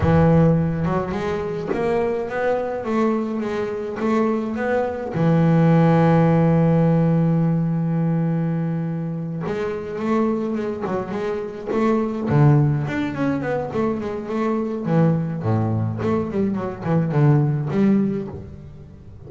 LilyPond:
\new Staff \with { instrumentName = "double bass" } { \time 4/4 \tempo 4 = 105 e4. fis8 gis4 ais4 | b4 a4 gis4 a4 | b4 e2.~ | e1~ |
e8 gis4 a4 gis8 fis8 gis8~ | gis8 a4 d4 d'8 cis'8 b8 | a8 gis8 a4 e4 a,4 | a8 g8 fis8 e8 d4 g4 | }